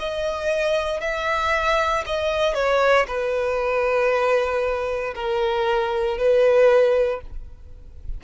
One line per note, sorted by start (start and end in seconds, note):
0.00 1.01 D#5
1.01 2.05 E5
2.06 2.55 D#5
2.55 3.07 C#5
3.08 5.15 B4
5.15 6.18 A#4
6.18 7.22 B4